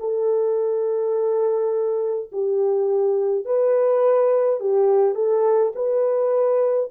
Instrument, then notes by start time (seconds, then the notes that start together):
horn
0.00 A4
2.32 G4
3.46 B4
4.60 G4
5.15 A4
5.75 B4